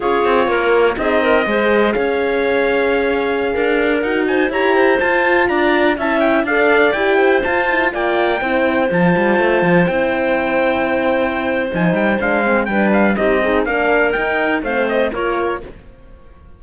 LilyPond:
<<
  \new Staff \with { instrumentName = "trumpet" } { \time 4/4 \tempo 4 = 123 cis''2 dis''2 | f''1~ | f''16 fis''8 gis''8 ais''4 a''4 ais''8.~ | ais''16 a''8 g''8 f''4 g''4 a''8.~ |
a''16 g''2 a''4.~ a''16~ | a''16 g''2.~ g''8. | gis''8 g''8 f''4 g''8 f''8 dis''4 | f''4 g''4 f''8 dis''8 cis''4 | }
  \new Staff \with { instrumentName = "clarinet" } { \time 4/4 gis'4 ais'4 gis'8 ais'8 c''4 | cis''2.~ cis''16 ais'8.~ | ais'8. c''8 cis''8 c''4. d''8.~ | d''16 e''4 d''4. c''4~ c''16~ |
c''16 d''4 c''2~ c''8.~ | c''1~ | c''2 b'4 g'8 dis'8 | ais'2 c''4 ais'4 | }
  \new Staff \with { instrumentName = "horn" } { \time 4/4 f'2 dis'4 gis'4~ | gis'1~ | gis'16 fis'4 g'4 f'4.~ f'16~ | f'16 e'4 a'4 g'4 f'8 e'16~ |
e'16 f'4 e'4 f'4.~ f'16~ | f'16 e'2.~ e'8. | dis'4 d'8 c'8 d'4 dis'8 gis'8 | d'4 dis'4 c'4 f'4 | }
  \new Staff \with { instrumentName = "cello" } { \time 4/4 cis'8 c'8 ais4 c'4 gis4 | cis'2.~ cis'16 d'8.~ | d'16 dis'4 e'4 f'4 d'8.~ | d'16 cis'4 d'4 e'4 f'8.~ |
f'16 ais4 c'4 f8 g8 a8 f16~ | f16 c'2.~ c'8. | f8 g8 gis4 g4 c'4 | ais4 dis'4 a4 ais4 | }
>>